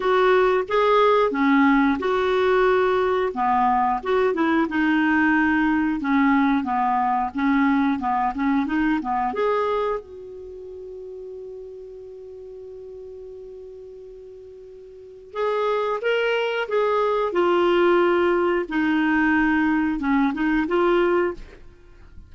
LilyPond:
\new Staff \with { instrumentName = "clarinet" } { \time 4/4 \tempo 4 = 90 fis'4 gis'4 cis'4 fis'4~ | fis'4 b4 fis'8 e'8 dis'4~ | dis'4 cis'4 b4 cis'4 | b8 cis'8 dis'8 b8 gis'4 fis'4~ |
fis'1~ | fis'2. gis'4 | ais'4 gis'4 f'2 | dis'2 cis'8 dis'8 f'4 | }